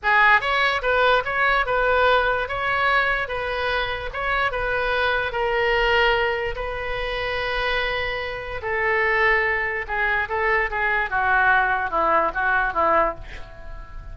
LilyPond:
\new Staff \with { instrumentName = "oboe" } { \time 4/4 \tempo 4 = 146 gis'4 cis''4 b'4 cis''4 | b'2 cis''2 | b'2 cis''4 b'4~ | b'4 ais'2. |
b'1~ | b'4 a'2. | gis'4 a'4 gis'4 fis'4~ | fis'4 e'4 fis'4 e'4 | }